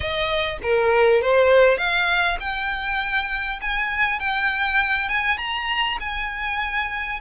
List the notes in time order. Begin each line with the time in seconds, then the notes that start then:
0.00 D#5
0.62 A#4
1.21 C5
1.77 F5
2.39 G5
3.61 G#5
4.19 G5
5.08 G#5
5.37 A#5
6.00 G#5